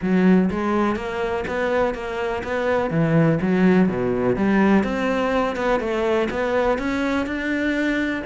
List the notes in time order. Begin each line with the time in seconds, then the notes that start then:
0.01 F#3
0.51 G#3
0.95 A#3
1.47 B3
1.94 A#3
2.43 B3
2.90 E3
3.41 F#3
3.88 B2
4.36 G3
4.83 C4
5.55 B3
5.80 A3
6.30 B3
6.78 C#4
7.26 D4